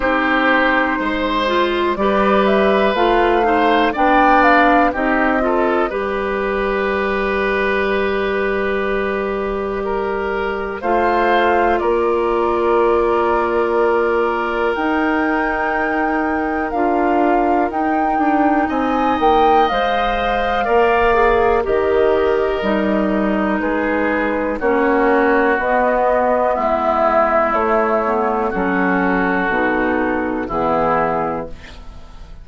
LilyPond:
<<
  \new Staff \with { instrumentName = "flute" } { \time 4/4 \tempo 4 = 61 c''2 d''8 e''8 f''4 | g''8 f''8 dis''4 d''2~ | d''2. f''4 | d''2. g''4~ |
g''4 f''4 g''4 gis''8 g''8 | f''2 dis''2 | b'4 cis''4 dis''4 e''4 | cis''4 a'2 gis'4 | }
  \new Staff \with { instrumentName = "oboe" } { \time 4/4 g'4 c''4 b'4. c''8 | d''4 g'8 a'8 b'2~ | b'2 ais'4 c''4 | ais'1~ |
ais'2. dis''4~ | dis''4 d''4 ais'2 | gis'4 fis'2 e'4~ | e'4 fis'2 e'4 | }
  \new Staff \with { instrumentName = "clarinet" } { \time 4/4 dis'4. f'8 g'4 f'8 dis'8 | d'4 dis'8 f'8 g'2~ | g'2. f'4~ | f'2. dis'4~ |
dis'4 f'4 dis'2 | c''4 ais'8 gis'8 g'4 dis'4~ | dis'4 cis'4 b2 | a8 b8 cis'4 dis'4 b4 | }
  \new Staff \with { instrumentName = "bassoon" } { \time 4/4 c'4 gis4 g4 a4 | b4 c'4 g2~ | g2. a4 | ais2. dis'4~ |
dis'4 d'4 dis'8 d'8 c'8 ais8 | gis4 ais4 dis4 g4 | gis4 ais4 b4 gis4 | a4 fis4 b,4 e4 | }
>>